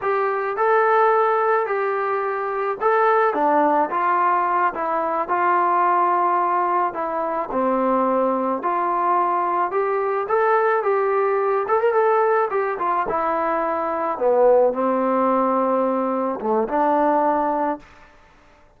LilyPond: \new Staff \with { instrumentName = "trombone" } { \time 4/4 \tempo 4 = 108 g'4 a'2 g'4~ | g'4 a'4 d'4 f'4~ | f'8 e'4 f'2~ f'8~ | f'8 e'4 c'2 f'8~ |
f'4. g'4 a'4 g'8~ | g'4 a'16 ais'16 a'4 g'8 f'8 e'8~ | e'4. b4 c'4.~ | c'4. a8 d'2 | }